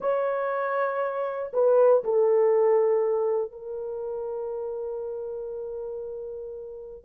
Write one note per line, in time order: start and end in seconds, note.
0.00 1.52 C#5
1.53 2.03 B4
2.04 3.51 A4
3.51 7.04 A#4